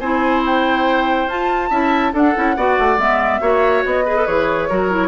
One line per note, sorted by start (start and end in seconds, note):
0.00 1.27 C4
0.00 1.29 E4
0.00 1.70 C5
0.00 0.43 G#5
0.46 1.29 G5
1.27 1.69 F4
1.27 1.71 F4
1.27 2.14 A5
1.70 2.13 C#4
1.70 2.13 E4
1.70 2.12 E5
2.13 2.35 D4
2.13 2.55 A4
2.13 2.99 F#5
2.35 2.57 C#4
2.35 2.56 E4
2.57 2.78 B3
2.57 2.98 F#4
2.57 3.41 D5
2.79 2.98 A3
2.98 3.40 G#3
2.98 3.41 B3
2.98 3.84 E5
3.41 3.84 A#3
3.41 4.04 F#4
3.41 4.05 C#5
3.85 4.27 B3
3.85 4.27 D#5
4.05 4.16 G#4
4.05 4.68 B4
4.16 4.27 A4
4.27 4.70 E3
4.27 4.69 G#4
4.27 5.08 C#5
4.69 5.08 F#3
4.69 4.90 F#4
4.69 5.08 A#4
4.90 5.08 E4